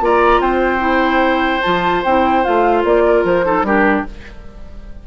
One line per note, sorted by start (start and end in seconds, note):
0.00 0.39 A#3
0.00 0.79 F4
0.00 0.41 D5
0.00 0.41 A#5
0.39 1.60 C4
0.39 3.03 C5
0.39 1.62 G5
0.79 1.59 E4
1.62 2.04 F3
1.62 2.03 F4
1.62 2.02 A5
2.04 2.44 C4
2.04 2.43 E4
2.04 2.43 G5
2.43 2.84 A3
2.43 3.44 F4
2.43 2.83 F5
2.84 3.24 A#3
2.84 3.24 D5
3.05 3.45 A#4
3.24 3.62 F3
3.24 3.64 C5
3.44 3.64 D#4
3.44 3.66 A4
3.62 4.02 G3
3.62 4.05 D4
3.62 4.06 G4
3.62 4.05 A#4